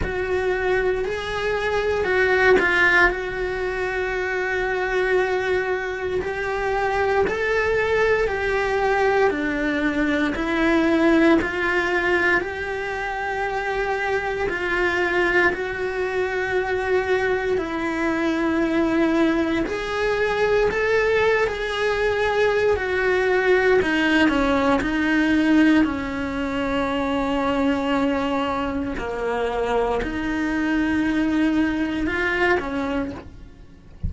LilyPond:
\new Staff \with { instrumentName = "cello" } { \time 4/4 \tempo 4 = 58 fis'4 gis'4 fis'8 f'8 fis'4~ | fis'2 g'4 a'4 | g'4 d'4 e'4 f'4 | g'2 f'4 fis'4~ |
fis'4 e'2 gis'4 | a'8. gis'4~ gis'16 fis'4 dis'8 cis'8 | dis'4 cis'2. | ais4 dis'2 f'8 cis'8 | }